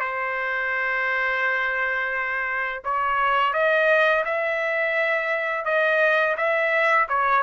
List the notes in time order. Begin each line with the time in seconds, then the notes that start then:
0.00 C5
2.84 C#5
3.53 D#5
4.25 E5
5.65 D#5
6.37 E5
7.08 C#5